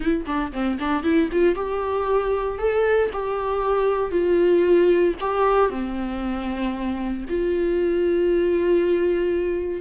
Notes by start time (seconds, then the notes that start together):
0.00 E4
0.26 D4
0.52 C4
0.79 D4
1.03 E4
1.32 F4
1.55 G4
2.58 A4
3.12 G4
4.11 F4
5.20 G4
5.70 C4
7.29 F4